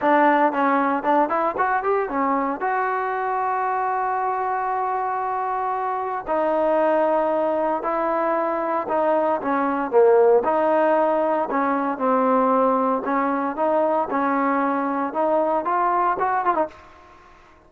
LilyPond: \new Staff \with { instrumentName = "trombone" } { \time 4/4 \tempo 4 = 115 d'4 cis'4 d'8 e'8 fis'8 g'8 | cis'4 fis'2.~ | fis'1 | dis'2. e'4~ |
e'4 dis'4 cis'4 ais4 | dis'2 cis'4 c'4~ | c'4 cis'4 dis'4 cis'4~ | cis'4 dis'4 f'4 fis'8 f'16 dis'16 | }